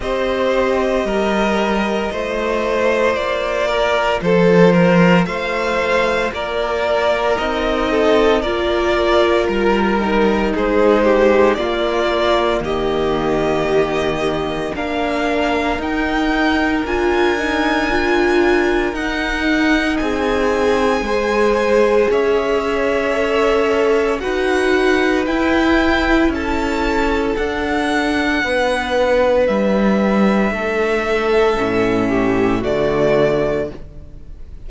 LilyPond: <<
  \new Staff \with { instrumentName = "violin" } { \time 4/4 \tempo 4 = 57 dis''2. d''4 | c''4 f''4 d''4 dis''4 | d''4 ais'4 c''4 d''4 | dis''2 f''4 g''4 |
gis''2 fis''4 gis''4~ | gis''4 e''2 fis''4 | g''4 a''4 fis''2 | e''2. d''4 | }
  \new Staff \with { instrumentName = "violin" } { \time 4/4 c''4 ais'4 c''4. ais'8 | a'8 ais'8 c''4 ais'4. a'8 | ais'2 gis'8 g'8 f'4 | g'2 ais'2~ |
ais'2. gis'4 | c''4 cis''2 b'4~ | b'4 a'2 b'4~ | b'4 a'4. g'8 fis'4 | }
  \new Staff \with { instrumentName = "viola" } { \time 4/4 g'2 f'2~ | f'2. dis'4 | f'4. dis'4. ais4~ | ais2 d'4 dis'4 |
f'8 dis'8 f'4 dis'2 | gis'2 a'4 fis'4 | e'2 d'2~ | d'2 cis'4 a4 | }
  \new Staff \with { instrumentName = "cello" } { \time 4/4 c'4 g4 a4 ais4 | f4 a4 ais4 c'4 | ais4 g4 gis4 ais4 | dis2 ais4 dis'4 |
d'2 dis'4 c'4 | gis4 cis'2 dis'4 | e'4 cis'4 d'4 b4 | g4 a4 a,4 d4 | }
>>